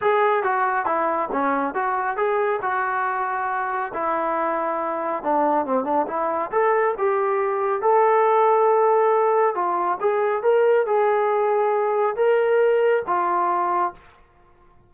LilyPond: \new Staff \with { instrumentName = "trombone" } { \time 4/4 \tempo 4 = 138 gis'4 fis'4 e'4 cis'4 | fis'4 gis'4 fis'2~ | fis'4 e'2. | d'4 c'8 d'8 e'4 a'4 |
g'2 a'2~ | a'2 f'4 gis'4 | ais'4 gis'2. | ais'2 f'2 | }